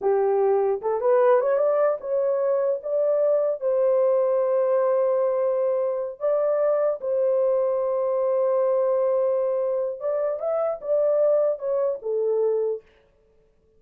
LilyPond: \new Staff \with { instrumentName = "horn" } { \time 4/4 \tempo 4 = 150 g'2 a'8 b'4 cis''8 | d''4 cis''2 d''4~ | d''4 c''2.~ | c''2.~ c''8 d''8~ |
d''4. c''2~ c''8~ | c''1~ | c''4 d''4 e''4 d''4~ | d''4 cis''4 a'2 | }